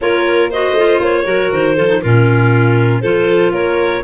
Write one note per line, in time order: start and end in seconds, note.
0.01 0.73 A#3
0.01 0.51 F4
0.01 0.50 A#4
0.01 0.51 C#5
0.50 0.78 F#4
0.50 1.24 C5
0.50 1.02 D#5
0.73 0.98 A3
0.73 1.24 F4
1.00 1.24 A#3
1.00 1.52 C#5
1.24 1.50 F#3
1.24 1.75 F#4
1.24 1.75 A#4
1.52 1.77 D#3
1.52 2.02 C5
1.75 2.03 F3
1.75 1.88 F4
1.75 2.00 A4
1.88 2.01 D#4
2.01 3.03 A#2
2.01 3.03 C#4
2.01 3.01 F4
2.01 3.00 A#4
3.00 3.51 F3
3.00 4.03 F4
3.00 3.51 A4
3.00 3.51 C5
3.51 4.01 A#3
3.51 4.03 A#4
3.51 4.03 C#5